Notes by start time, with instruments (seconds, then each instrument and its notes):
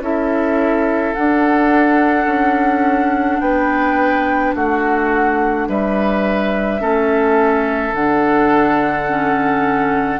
0.00 bassoon C#4, clarinet E4, oboe A4, flute E5
1.15 clarinet D4, bassoon D4, flute F#5
2.26 bassoon C#4
3.41 bassoon B3, oboe B4, flute G5
4.55 bassoon A3, oboe F#4, flute F#5
5.69 bassoon G3, oboe B4, flute E5
6.80 bassoon A3, clarinet C#4, oboe A4
7.94 bassoon D3, clarinet D4, flute F#5
9.08 clarinet C#4